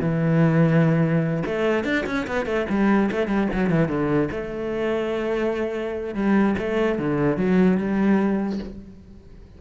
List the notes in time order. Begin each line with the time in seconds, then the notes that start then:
0.00 E3
1.45 A3
1.84 D4
2.06 C#4
2.27 B3
2.46 A3
2.69 G3
3.11 A3
3.27 G3
3.53 F#3
3.70 E3
3.88 D3
4.31 A3
6.14 G3
6.58 A3
6.98 D3
7.37 F#3
7.77 G3